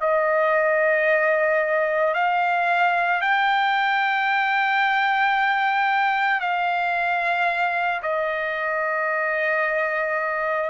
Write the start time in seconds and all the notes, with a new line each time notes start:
0.00 D#5
2.14 F5
3.21 G5
6.40 F5
8.02 D#5